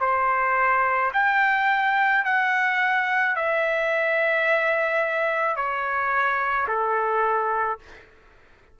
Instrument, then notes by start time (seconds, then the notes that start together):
trumpet
0.00 C5
1.13 G5
2.24 F#5
3.36 E5
5.56 C#5
6.68 A4